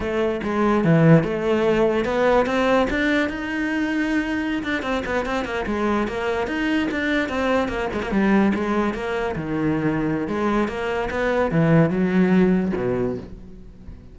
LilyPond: \new Staff \with { instrumentName = "cello" } { \time 4/4 \tempo 4 = 146 a4 gis4 e4 a4~ | a4 b4 c'4 d'4 | dis'2.~ dis'16 d'8 c'16~ | c'16 b8 c'8 ais8 gis4 ais4 dis'16~ |
dis'8. d'4 c'4 ais8 gis16 ais16 g16~ | g8. gis4 ais4 dis4~ dis16~ | dis4 gis4 ais4 b4 | e4 fis2 b,4 | }